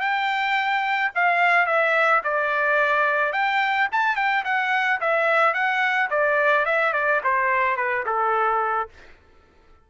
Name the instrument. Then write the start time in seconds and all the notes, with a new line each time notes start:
trumpet
0.00 G5
1.15 F5
1.66 E5
2.24 D5
3.32 G5
3.92 A5
4.16 G5
4.44 F#5
5.00 E5
5.54 F#5
6.10 D5
6.65 E5
6.93 D5
7.23 C5
7.76 B4
8.05 A4